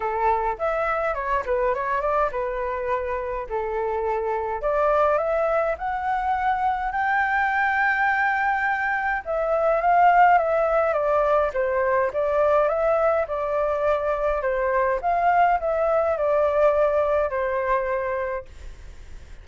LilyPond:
\new Staff \with { instrumentName = "flute" } { \time 4/4 \tempo 4 = 104 a'4 e''4 cis''8 b'8 cis''8 d''8 | b'2 a'2 | d''4 e''4 fis''2 | g''1 |
e''4 f''4 e''4 d''4 | c''4 d''4 e''4 d''4~ | d''4 c''4 f''4 e''4 | d''2 c''2 | }